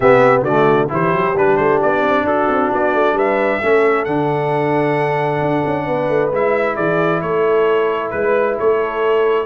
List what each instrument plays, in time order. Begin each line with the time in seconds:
0.00 tuba C3, trombone B3, horn G4, trumpet E5
0.42 tuba D3, trombone A3, horn F#4, trumpet D5
0.88 tuba E3, trombone E4, horn G4, trumpet C5
1.13 tuba F#3
1.35 tuba G3, trombone D4, trumpet B4
1.56 tuba A3, trumpet C5
1.82 tuba B3, trumpet D5
2.01 tuba C4
2.24 tuba D4, horn F#4, trumpet A4
2.48 tuba C4
2.72 tuba B3, trumpet D5
2.93 tuba A3
3.13 tuba G3, horn B4, trumpet E5
3.60 tuba A3, trombone C#4, horn A4
4.04 tuba D3, trombone D4, trumpet F#5
5.41 tuba D4
5.65 tuba C#4
5.85 tuba B3, horn B4
6.08 tuba A3
6.31 tuba G#3, trombone E4, trumpet E5
6.75 tuba E3, horn G#4, trumpet D5
7.21 tuba A3, horn A4, trumpet C#5
8.09 tuba G#3, trumpet B4, horn B4
8.58 tuba A3, horn A4, trumpet C#5